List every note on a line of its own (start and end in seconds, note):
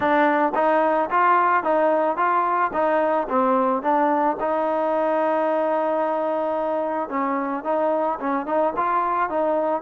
0.00 0.53 D4
0.55 1.09 D#4
1.10 1.63 F4
1.63 2.16 D#4
2.16 2.71 F4
2.73 3.27 D#4
3.29 3.82 C4
3.82 4.36 D4
4.40 7.09 D#4
7.09 7.63 C#4
7.64 8.18 D#4
8.19 8.45 C#4
8.45 8.73 D#4
8.76 9.29 F4
9.29 9.81 D#4